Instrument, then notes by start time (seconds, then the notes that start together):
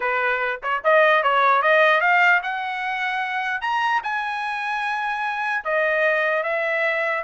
trumpet
0.00 B4
0.62 C#5
0.84 D#5
1.23 C#5
1.62 D#5
2.00 F5
2.43 F#5
3.61 A#5
4.03 G#5
5.64 D#5
6.43 E5